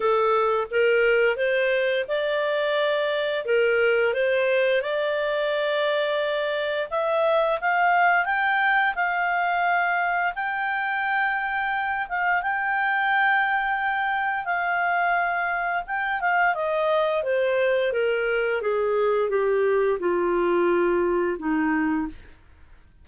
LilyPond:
\new Staff \with { instrumentName = "clarinet" } { \time 4/4 \tempo 4 = 87 a'4 ais'4 c''4 d''4~ | d''4 ais'4 c''4 d''4~ | d''2 e''4 f''4 | g''4 f''2 g''4~ |
g''4. f''8 g''2~ | g''4 f''2 g''8 f''8 | dis''4 c''4 ais'4 gis'4 | g'4 f'2 dis'4 | }